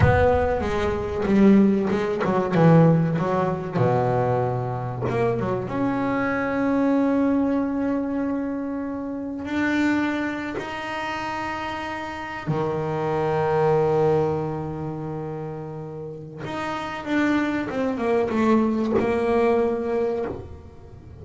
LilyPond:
\new Staff \with { instrumentName = "double bass" } { \time 4/4 \tempo 4 = 95 b4 gis4 g4 gis8 fis8 | e4 fis4 b,2 | ais8 fis8 cis'2.~ | cis'2. d'4~ |
d'8. dis'2. dis16~ | dis1~ | dis2 dis'4 d'4 | c'8 ais8 a4 ais2 | }